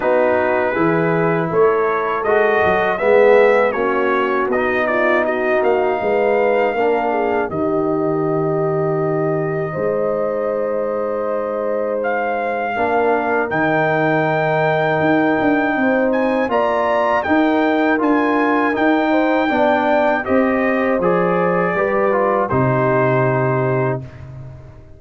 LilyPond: <<
  \new Staff \with { instrumentName = "trumpet" } { \time 4/4 \tempo 4 = 80 b'2 cis''4 dis''4 | e''4 cis''4 dis''8 d''8 dis''8 f''8~ | f''2 dis''2~ | dis''1 |
f''2 g''2~ | g''4. gis''8 ais''4 g''4 | gis''4 g''2 dis''4 | d''2 c''2 | }
  \new Staff \with { instrumentName = "horn" } { \time 4/4 fis'4 gis'4 a'2 | gis'4 fis'4. f'8 fis'4 | b'4 ais'8 gis'8 g'2~ | g'4 c''2.~ |
c''4 ais'2.~ | ais'4 c''4 d''4 ais'4~ | ais'4. c''8 d''4 c''4~ | c''4 b'4 g'2 | }
  \new Staff \with { instrumentName = "trombone" } { \time 4/4 dis'4 e'2 fis'4 | b4 cis'4 dis'2~ | dis'4 d'4 dis'2~ | dis'1~ |
dis'4 d'4 dis'2~ | dis'2 f'4 dis'4 | f'4 dis'4 d'4 g'4 | gis'4 g'8 f'8 dis'2 | }
  \new Staff \with { instrumentName = "tuba" } { \time 4/4 b4 e4 a4 gis8 fis8 | gis4 ais4 b4. ais8 | gis4 ais4 dis2~ | dis4 gis2.~ |
gis4 ais4 dis2 | dis'8 d'8 c'4 ais4 dis'4 | d'4 dis'4 b4 c'4 | f4 g4 c2 | }
>>